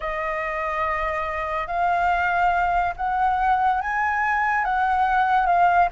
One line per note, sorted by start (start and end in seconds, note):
0.00 1.67 D#5
1.67 2.93 F5
2.96 3.81 F#5
3.81 4.64 G#5
4.64 5.46 F#5
5.46 5.88 F5